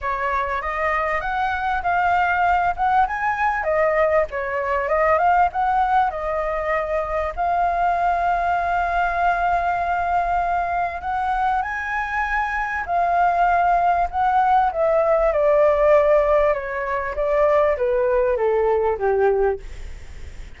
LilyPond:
\new Staff \with { instrumentName = "flute" } { \time 4/4 \tempo 4 = 98 cis''4 dis''4 fis''4 f''4~ | f''8 fis''8 gis''4 dis''4 cis''4 | dis''8 f''8 fis''4 dis''2 | f''1~ |
f''2 fis''4 gis''4~ | gis''4 f''2 fis''4 | e''4 d''2 cis''4 | d''4 b'4 a'4 g'4 | }